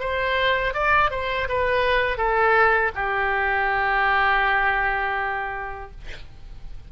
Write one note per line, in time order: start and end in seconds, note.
0.00 0.74 C5
0.74 1.11 D5
1.11 1.48 C5
1.49 2.18 B4
2.18 2.92 A4
2.95 5.92 G4